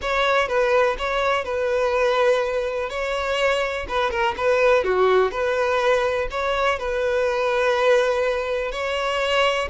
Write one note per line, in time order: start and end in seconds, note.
0.01 0.48 C#5
0.48 0.96 B4
0.98 1.44 C#5
1.44 2.89 B4
2.89 3.86 C#5
3.88 4.10 B4
4.10 4.35 A#4
4.37 4.84 B4
4.84 5.31 F#4
5.31 6.28 B4
6.30 6.78 C#5
6.78 8.71 B4
8.71 9.68 C#5